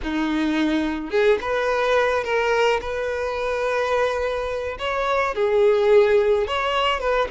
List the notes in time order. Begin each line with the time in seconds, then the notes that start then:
0.02 D#4
1.10 G#4
1.41 B4
2.24 A#4
2.81 B4
4.78 C#5
5.34 G#4
6.47 C#5
7.00 B4